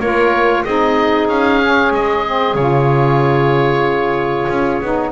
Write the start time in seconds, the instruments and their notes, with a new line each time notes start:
0.00 double bass A#3, saxophone F4, clarinet A#4, oboe C#5
0.64 double bass C4, saxophone D#4, clarinet G#4, oboe D#5
1.29 double bass C#4, oboe F5
1.62 saxophone C#4
1.91 double bass G#3, oboe D#5
2.26 saxophone C4
2.55 double bass C#3, saxophone F4, oboe C#5
4.49 double bass C#4
4.81 double bass B3, saxophone D#4